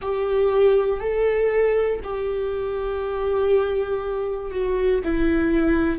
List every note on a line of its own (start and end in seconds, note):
0.01 1.00 G4
1.00 2.00 A4
2.03 4.50 G4
4.50 5.00 F#4
5.04 5.99 E4